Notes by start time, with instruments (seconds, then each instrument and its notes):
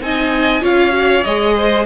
0.00 cello C4, viola D#4, violin D#5 G#5
0.61 cello C#4, viola F4, violin C#5 F5
0.91 viola F#4
1.23 cello G#3, viola G#4, violin D#5
1.56 violin C5